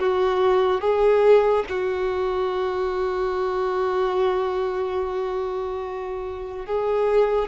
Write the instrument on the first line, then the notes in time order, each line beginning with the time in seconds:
violin
0.00 F#4
0.81 G#4
1.70 F#4
6.66 G#4